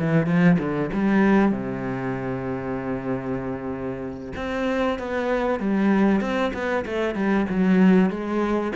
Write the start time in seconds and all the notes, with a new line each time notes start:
0.00 E3
0.27 F3
0.59 D3
0.93 G3
1.52 C3
4.37 C4
4.99 B3
5.60 G3
6.21 C4
6.54 B3
6.86 A3
7.15 G3
7.50 F#3
8.10 G#3